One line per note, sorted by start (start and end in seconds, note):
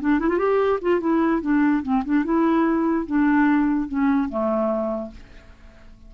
0.00 0.19 D4
0.19 0.29 E4
0.29 0.38 F4
0.38 0.79 G4
0.81 1.00 F4
1.00 1.41 E4
1.41 1.83 D4
1.83 2.03 C4
2.04 2.24 D4
2.24 3.06 E4
3.06 3.88 D4
3.88 4.29 C#4
4.29 5.11 A3